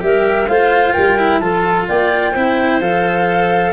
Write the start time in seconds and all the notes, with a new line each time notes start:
0.00 G3 G4 A#4 E5
0.48 A3 F4 C5 F5
0.93 G3 A#4 G5
1.19 E4
1.40 F3 F4 A4 A5
1.88 A#3 D5 G5
2.32 C4 E4 C5
2.80 F3 A4 F5